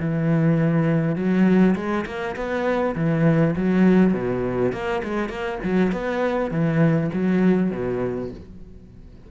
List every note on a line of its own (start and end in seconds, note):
0.00 1.16 E3
1.16 1.75 F#3
1.76 2.05 G#3
2.06 2.36 A#3
2.36 2.95 B3
2.96 3.55 E3
3.56 4.14 F#3
4.14 4.72 B2
4.72 5.02 A#3
5.04 5.29 G#3
5.29 5.59 A#3
5.64 5.92 F#3
5.92 6.51 B3
6.51 7.10 E3
7.13 7.71 F#3
7.71 8.31 B2